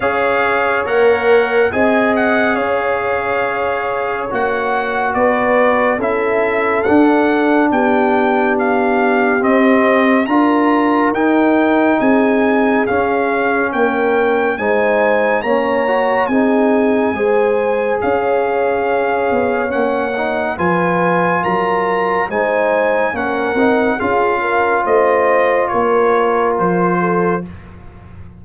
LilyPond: <<
  \new Staff \with { instrumentName = "trumpet" } { \time 4/4 \tempo 4 = 70 f''4 fis''4 gis''8 fis''8 f''4~ | f''4 fis''4 d''4 e''4 | fis''4 g''4 f''4 dis''4 | ais''4 g''4 gis''4 f''4 |
g''4 gis''4 ais''4 gis''4~ | gis''4 f''2 fis''4 | gis''4 ais''4 gis''4 fis''4 | f''4 dis''4 cis''4 c''4 | }
  \new Staff \with { instrumentName = "horn" } { \time 4/4 cis''2 dis''4 cis''4~ | cis''2 b'4 a'4~ | a'4 g'2. | ais'2 gis'2 |
ais'4 c''4 cis''4 gis'4 | c''4 cis''2. | b'4 ais'4 c''4 ais'4 | gis'8 ais'8 c''4 ais'4. a'8 | }
  \new Staff \with { instrumentName = "trombone" } { \time 4/4 gis'4 ais'4 gis'2~ | gis'4 fis'2 e'4 | d'2. c'4 | f'4 dis'2 cis'4~ |
cis'4 dis'4 cis'8 fis'8 dis'4 | gis'2. cis'8 dis'8 | f'2 dis'4 cis'8 dis'8 | f'1 | }
  \new Staff \with { instrumentName = "tuba" } { \time 4/4 cis'4 ais4 c'4 cis'4~ | cis'4 ais4 b4 cis'4 | d'4 b2 c'4 | d'4 dis'4 c'4 cis'4 |
ais4 gis4 ais4 c'4 | gis4 cis'4. b8 ais4 | f4 fis4 gis4 ais8 c'8 | cis'4 a4 ais4 f4 | }
>>